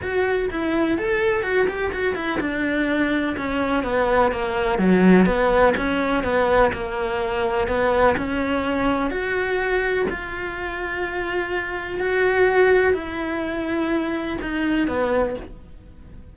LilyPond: \new Staff \with { instrumentName = "cello" } { \time 4/4 \tempo 4 = 125 fis'4 e'4 a'4 fis'8 g'8 | fis'8 e'8 d'2 cis'4 | b4 ais4 fis4 b4 | cis'4 b4 ais2 |
b4 cis'2 fis'4~ | fis'4 f'2.~ | f'4 fis'2 e'4~ | e'2 dis'4 b4 | }